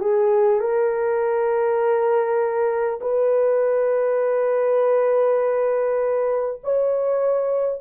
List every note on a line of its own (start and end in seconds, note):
0.00 0.60 G#4
0.60 3.00 A#4
3.01 6.61 B4
6.63 7.81 C#5